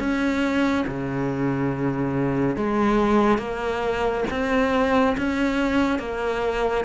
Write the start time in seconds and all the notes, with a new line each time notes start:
0.00 C#4
0.88 C#3
2.57 G#3
3.39 A#3
4.31 C4
5.18 C#4
5.99 A#3